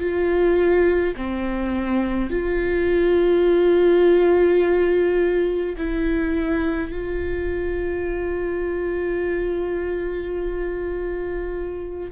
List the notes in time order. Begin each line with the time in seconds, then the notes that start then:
0.00 F4
1.16 C4
2.30 F4
5.77 E4
6.92 F4